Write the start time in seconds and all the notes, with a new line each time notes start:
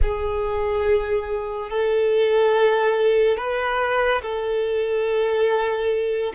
0.02 G#4
1.70 A4
3.37 B4
4.21 A4